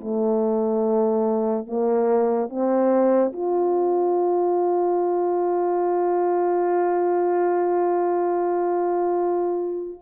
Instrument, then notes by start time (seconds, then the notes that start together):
horn
0.00 A3
1.66 A#3
2.48 C4
3.33 F4